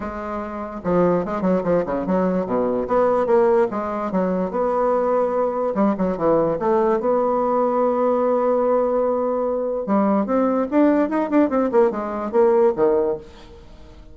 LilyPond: \new Staff \with { instrumentName = "bassoon" } { \time 4/4 \tempo 4 = 146 gis2 f4 gis8 fis8 | f8 cis8 fis4 b,4 b4 | ais4 gis4 fis4 b4~ | b2 g8 fis8 e4 |
a4 b2.~ | b1 | g4 c'4 d'4 dis'8 d'8 | c'8 ais8 gis4 ais4 dis4 | }